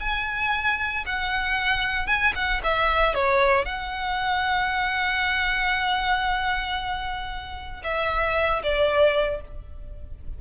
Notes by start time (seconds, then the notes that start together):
0.00 G#5
1.06 F#5
2.07 G#5
2.35 F#5
2.63 E5
3.14 C#5
3.65 F#5
7.84 E5
8.63 D5